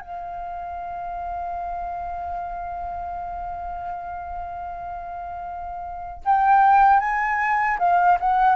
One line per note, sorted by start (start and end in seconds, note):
0.00 6.23 F5
6.25 7.00 G5
7.00 7.78 G#5
7.79 8.18 F5
8.20 8.56 F#5